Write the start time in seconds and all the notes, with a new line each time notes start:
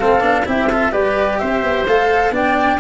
0.00 A3 C4 A4 F5
0.21 B3 D4
0.45 C4 E4 G4 E5
0.70 F4 A4
0.92 G3 G4 B4 D5
1.39 C4 C5 E5
1.63 B3
1.87 A3 A4 F5
2.31 B3 D4 D5 G5